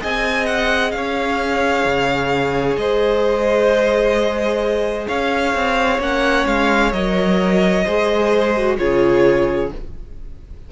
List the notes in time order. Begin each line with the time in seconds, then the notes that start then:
0.00 C4 G#4 D#5 G#5
0.46 F#5
0.91 C#4 C#5 F5
1.85 C#3
2.76 G#3 C5 D#5
5.07 C#4 C#5 F5
5.55 C4
5.99 A#3 C#4 F#5
6.46 G#3 F5
6.92 F#3 A#4 D#5
7.84 G#3 G#4 C5
8.57 F#4
8.77 C#3 F4 G#4 C#5